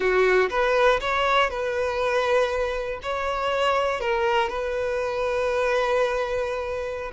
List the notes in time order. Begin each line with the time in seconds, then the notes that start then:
0.00 F#4
0.50 B4
1.00 C#5
1.50 B4
3.02 C#5
4.00 A#4
4.49 B4